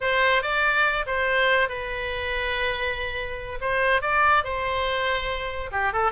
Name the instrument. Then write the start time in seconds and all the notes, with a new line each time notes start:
oboe
0.00 C5
0.42 D5
1.06 C5
1.69 B4
3.60 C5
4.01 D5
4.44 C5
5.71 G4
5.93 A4